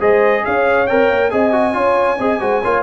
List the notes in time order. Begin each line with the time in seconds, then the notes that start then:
0.00 G#3 G#4 C5 D#5
0.45 C#4 C#5 F5
0.87 C4 A#4 G5
1.10 A#3
1.30 C4 G#4 D#5 G#5
1.52 F#4
1.73 C#4 F4 C#5
2.18 C4 G#4 D#5
2.40 G#3 F#4 C5
2.62 A#3 F4 C#5